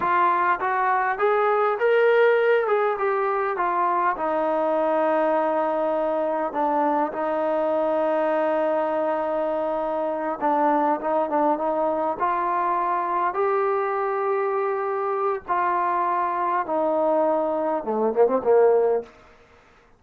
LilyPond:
\new Staff \with { instrumentName = "trombone" } { \time 4/4 \tempo 4 = 101 f'4 fis'4 gis'4 ais'4~ | ais'8 gis'8 g'4 f'4 dis'4~ | dis'2. d'4 | dis'1~ |
dis'4. d'4 dis'8 d'8 dis'8~ | dis'8 f'2 g'4.~ | g'2 f'2 | dis'2 a8 ais16 c'16 ais4 | }